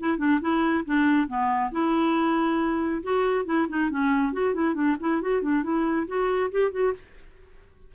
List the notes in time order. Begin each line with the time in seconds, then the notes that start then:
0.00 E4
0.18 D4
0.41 E4
0.85 D4
1.28 B3
1.72 E4
3.03 F#4
3.46 E4
3.69 D#4
3.91 C#4
4.33 F#4
4.54 E4
4.75 D4
5.00 E4
5.22 F#4
5.42 D4
5.64 E4
6.07 F#4
6.51 G4
6.72 F#4